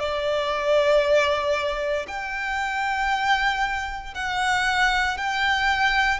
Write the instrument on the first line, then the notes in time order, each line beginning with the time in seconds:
violin
0.00 D5
2.08 G5
4.14 F#5
5.18 G5